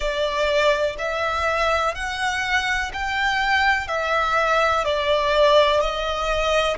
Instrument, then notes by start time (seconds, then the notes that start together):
violin
0.00 D5
0.98 E5
1.94 F#5
2.93 G5
3.87 E5
4.84 D5
5.80 D#5